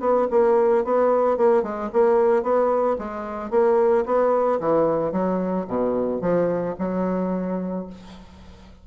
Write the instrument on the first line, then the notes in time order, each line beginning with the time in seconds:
bassoon
0.00 B3
0.30 A#3
0.84 B3
1.37 A#3
1.63 G#3
1.93 A#3
2.43 B3
2.99 G#3
3.50 A#3
4.06 B3
4.60 E3
5.12 F#3
5.67 B2
6.21 F3
6.79 F#3